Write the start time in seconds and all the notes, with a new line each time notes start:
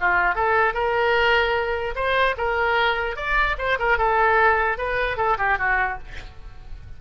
0.00 F4
0.35 A4
0.74 A#4
1.95 C5
2.37 A#4
3.16 D5
3.58 C5
3.79 A#4
3.98 A4
4.78 B4
5.17 A4
5.38 G4
5.58 F#4